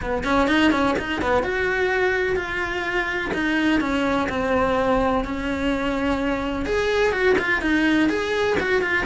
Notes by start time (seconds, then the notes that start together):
0.02 B3
0.23 C#4
0.47 D#4
0.71 C#4
0.98 D#4
1.21 B3
1.43 F#4
2.36 F4
3.33 D#4
3.80 C#4
4.29 C4
5.24 C#4
6.65 G#4
7.12 F#4
7.38 F4
7.61 D#4
8.09 G#4
8.60 F#4
8.82 F4